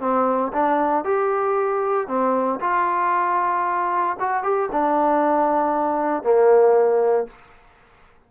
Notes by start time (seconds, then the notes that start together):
0.00 C4
0.53 D4
1.05 G4
2.08 C4
2.61 F4
4.20 F#4
4.43 G4
4.72 D4
6.23 A#3